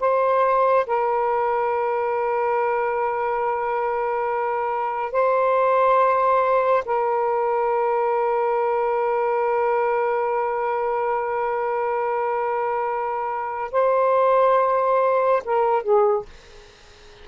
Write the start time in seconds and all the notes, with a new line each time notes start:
0.00 C5
0.86 A#4
5.12 C5
6.85 A#4
13.71 C5
15.44 A#4
15.82 G#4